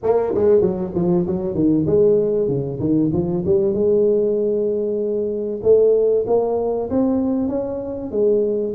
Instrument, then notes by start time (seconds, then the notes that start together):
tuba
0.03 A#3
0.34 G#3
0.61 F#3
0.95 F3
1.26 F#3
1.54 D#3
1.86 G#3
2.48 C#3
2.79 D#3
3.12 F3
3.45 G3
3.73 G#3
5.62 A3
6.27 A#3
6.89 C4
7.48 C#4
8.11 G#3